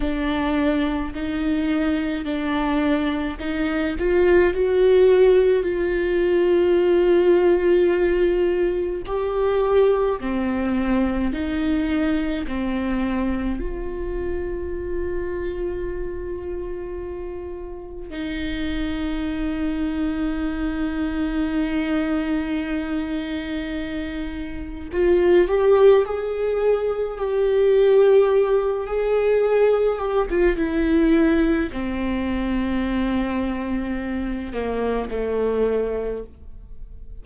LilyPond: \new Staff \with { instrumentName = "viola" } { \time 4/4 \tempo 4 = 53 d'4 dis'4 d'4 dis'8 f'8 | fis'4 f'2. | g'4 c'4 dis'4 c'4 | f'1 |
dis'1~ | dis'2 f'8 g'8 gis'4 | g'4. gis'4 g'16 f'16 e'4 | c'2~ c'8 ais8 a4 | }